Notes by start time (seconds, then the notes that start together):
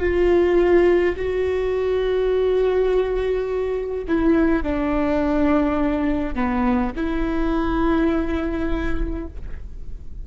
0.00 F4
1.16 F#4
4.08 E4
4.63 D4
6.35 B3
6.96 E4